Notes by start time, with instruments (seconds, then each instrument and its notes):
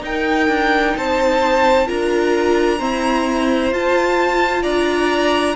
0.00 viola D#4, cello D#4, violin A#4 G5
0.48 cello D4
0.97 cello C4, violin C5 A5
1.86 cello D4, viola F4, violin A#4 A#5
2.79 viola C4, cello E4, violin C5
3.72 viola F4, cello F4, violin A5
4.62 cello D4, violin D5 A#5